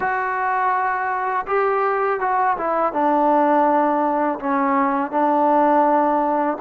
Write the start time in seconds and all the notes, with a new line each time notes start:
0.00 F#4
1.46 G4
2.20 F#4
2.57 E4
2.93 D4
4.39 C#4
5.11 D4